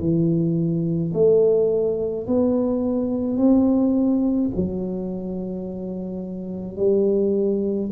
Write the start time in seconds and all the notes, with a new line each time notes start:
0.00 E3
1.14 A3
2.27 B3
3.37 C4
4.56 F#3
6.77 G3